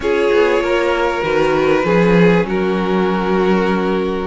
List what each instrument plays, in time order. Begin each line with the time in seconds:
0.00 cello C#4, viola F4, violin G#4 C#5
0.32 cello B3
0.60 cello A#3, violin A#4
1.23 cello D#3, viola F#4, violin B4
1.84 cello F3, viola C#4, violin G#4
2.43 cello F#3, violin F#4 A#4